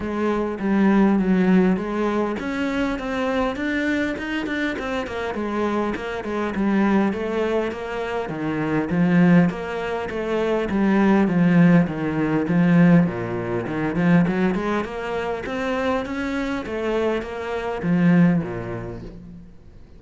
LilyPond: \new Staff \with { instrumentName = "cello" } { \time 4/4 \tempo 4 = 101 gis4 g4 fis4 gis4 | cis'4 c'4 d'4 dis'8 d'8 | c'8 ais8 gis4 ais8 gis8 g4 | a4 ais4 dis4 f4 |
ais4 a4 g4 f4 | dis4 f4 ais,4 dis8 f8 | fis8 gis8 ais4 c'4 cis'4 | a4 ais4 f4 ais,4 | }